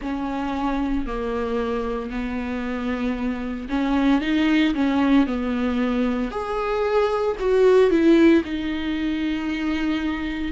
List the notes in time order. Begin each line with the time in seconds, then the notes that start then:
0.01 C#4
1.06 A#3
2.10 B3
3.68 C#4
4.21 D#4
4.74 C#4
5.26 B3
6.31 G#4
7.39 F#4
7.90 E4
8.44 D#4